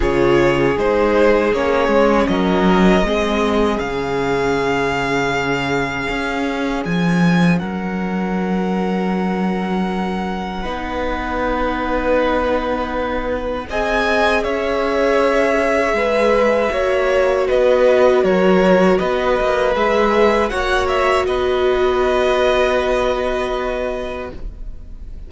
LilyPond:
<<
  \new Staff \with { instrumentName = "violin" } { \time 4/4 \tempo 4 = 79 cis''4 c''4 cis''4 dis''4~ | dis''4 f''2.~ | f''4 gis''4 fis''2~ | fis''1~ |
fis''2 gis''4 e''4~ | e''2. dis''4 | cis''4 dis''4 e''4 fis''8 e''8 | dis''1 | }
  \new Staff \with { instrumentName = "violin" } { \time 4/4 gis'2. ais'4 | gis'1~ | gis'2 ais'2~ | ais'2 b'2~ |
b'2 dis''4 cis''4~ | cis''4 b'4 cis''4 b'4 | ais'4 b'2 cis''4 | b'1 | }
  \new Staff \with { instrumentName = "viola" } { \time 4/4 f'4 dis'4 cis'2 | c'4 cis'2.~ | cis'1~ | cis'2 dis'2~ |
dis'2 gis'2~ | gis'2 fis'2~ | fis'2 gis'4 fis'4~ | fis'1 | }
  \new Staff \with { instrumentName = "cello" } { \time 4/4 cis4 gis4 ais8 gis8 fis4 | gis4 cis2. | cis'4 f4 fis2~ | fis2 b2~ |
b2 c'4 cis'4~ | cis'4 gis4 ais4 b4 | fis4 b8 ais8 gis4 ais4 | b1 | }
>>